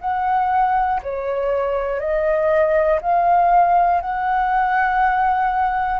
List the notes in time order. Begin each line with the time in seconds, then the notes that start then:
0.00 F#5
1.02 C#5
2.00 D#5
3.01 F5
4.01 F#5